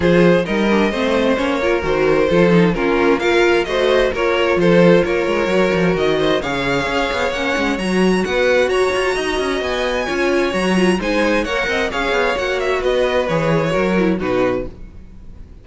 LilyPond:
<<
  \new Staff \with { instrumentName = "violin" } { \time 4/4 \tempo 4 = 131 c''4 dis''2 cis''4 | c''2 ais'4 f''4 | dis''4 cis''4 c''4 cis''4~ | cis''4 dis''4 f''2 |
fis''4 ais''4 fis''4 ais''4~ | ais''4 gis''2 ais''4 | gis''4 fis''4 f''4 fis''8 e''8 | dis''4 cis''2 b'4 | }
  \new Staff \with { instrumentName = "violin" } { \time 4/4 gis'4 ais'4 c''4. ais'8~ | ais'4 a'4 f'4 ais'4 | c''4 ais'4 a'4 ais'4~ | ais'4. c''8 cis''2~ |
cis''2 b'4 cis''4 | dis''2 cis''2 | c''4 cis''8 dis''8 cis''2 | b'2 ais'4 fis'4 | }
  \new Staff \with { instrumentName = "viola" } { \time 4/4 f'4 dis'8 d'8 c'4 cis'8 f'8 | fis'4 f'8 dis'8 cis'4 f'4 | fis'4 f'2. | fis'2 gis'2 |
cis'4 fis'2.~ | fis'2 f'4 fis'8 f'8 | dis'4 ais'4 gis'4 fis'4~ | fis'4 gis'4 fis'8 e'8 dis'4 | }
  \new Staff \with { instrumentName = "cello" } { \time 4/4 f4 g4 a4 ais4 | dis4 f4 ais2 | a4 ais4 f4 ais8 gis8 | fis8 f8 dis4 cis4 cis'8 b8 |
ais8 gis8 fis4 b4 fis'8 f'8 | dis'8 cis'8 b4 cis'4 fis4 | gis4 ais8 c'8 cis'8 b8 ais4 | b4 e4 fis4 b,4 | }
>>